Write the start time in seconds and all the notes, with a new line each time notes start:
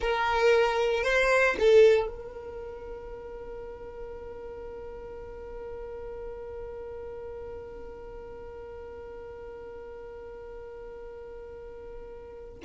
0.00 A#4
1.03 C5
1.59 A4
2.07 A#4